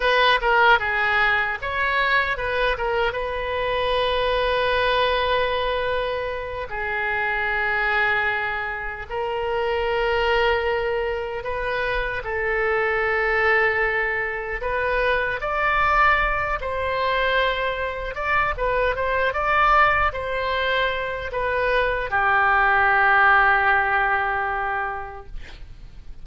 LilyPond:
\new Staff \with { instrumentName = "oboe" } { \time 4/4 \tempo 4 = 76 b'8 ais'8 gis'4 cis''4 b'8 ais'8 | b'1~ | b'8 gis'2. ais'8~ | ais'2~ ais'8 b'4 a'8~ |
a'2~ a'8 b'4 d''8~ | d''4 c''2 d''8 b'8 | c''8 d''4 c''4. b'4 | g'1 | }